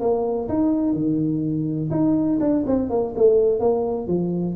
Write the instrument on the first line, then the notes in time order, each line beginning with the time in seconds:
tuba
0.00 A#3
0.49 D#4
0.93 D#3
1.91 D#4
2.40 D4
2.67 C4
2.90 A#3
3.16 A3
3.60 A#3
4.07 F3